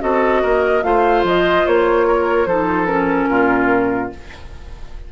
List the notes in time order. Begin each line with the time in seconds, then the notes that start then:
0.00 C4 F#4 A4 D#5
0.42 A#3 A#4
0.83 A3 F4 C5 F5
1.23 F3 D#5
1.66 A#3 C#5
2.07 A#4
2.46 F3 D#4 A4 C5
2.86 C#4 A#4
3.29 A#2 F4